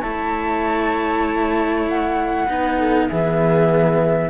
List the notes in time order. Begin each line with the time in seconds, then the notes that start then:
0.00 A3 E4 C#5 A5
1.88 F#5
2.46 B3 D#4 B4
2.78 A4
3.08 E3 B3 G#4 E5